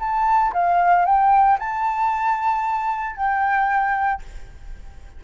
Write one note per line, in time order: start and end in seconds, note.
0.00 0.53 A5
0.54 1.06 F5
1.06 1.59 G5
1.59 3.17 A5
3.17 4.22 G5